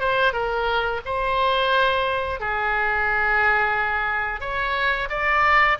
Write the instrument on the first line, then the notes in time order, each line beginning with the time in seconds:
oboe
0.00 C5
0.33 A#4
1.05 C5
2.40 G#4
4.40 C#5
5.10 D5